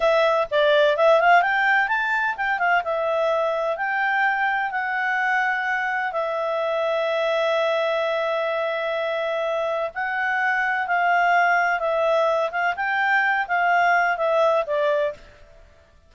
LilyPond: \new Staff \with { instrumentName = "clarinet" } { \time 4/4 \tempo 4 = 127 e''4 d''4 e''8 f''8 g''4 | a''4 g''8 f''8 e''2 | g''2 fis''2~ | fis''4 e''2.~ |
e''1~ | e''4 fis''2 f''4~ | f''4 e''4. f''8 g''4~ | g''8 f''4. e''4 d''4 | }